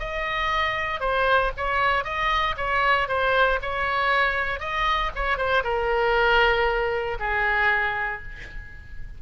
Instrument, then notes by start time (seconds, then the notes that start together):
oboe
0.00 D#5
1.00 C5
1.57 C#5
2.05 D#5
2.57 C#5
3.08 C5
3.62 C#5
4.60 D#5
5.16 C#5
5.38 C5
5.64 A#4
7.20 G#4